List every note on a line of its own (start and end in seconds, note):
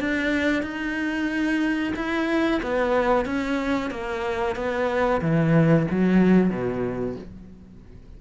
0.00 0.63 D4
0.63 1.94 D#4
1.96 2.61 E4
2.63 3.26 B3
3.26 3.91 C#4
3.91 4.56 A#3
4.56 5.21 B3
5.22 5.87 E3
5.91 6.50 F#3
6.50 7.16 B2